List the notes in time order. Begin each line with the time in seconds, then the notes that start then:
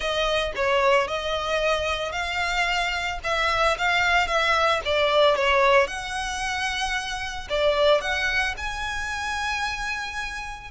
0.00 D#5
0.55 C#5
1.07 D#5
2.12 F5
3.23 E5
3.78 F5
4.27 E5
4.85 D5
5.35 C#5
5.87 F#5
7.49 D5
8.01 F#5
8.57 G#5